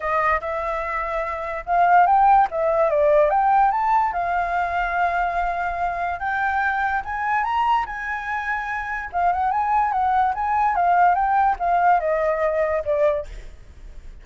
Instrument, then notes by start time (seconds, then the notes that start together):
flute
0.00 D#5
0.40 E5
1.65 F5
2.06 G5
2.50 E5
2.90 D5
3.30 G5
3.71 A5
4.12 F5
6.19 G5
7.04 G#5
7.44 A#5
7.85 G#5
9.12 F5
9.32 F#5
9.51 G#5
9.92 F#5
10.34 G#5
10.75 F5
11.14 G5
11.59 F5
12.00 D#5
12.84 D5